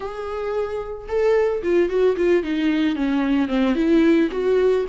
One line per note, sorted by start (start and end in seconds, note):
0.00 1.07 G#4
1.08 1.62 A4
1.62 1.89 F4
1.89 2.16 F#4
2.16 2.43 F4
2.43 2.95 D#4
2.95 3.48 C#4
3.48 3.75 C4
3.75 4.29 E4
4.31 4.85 F#4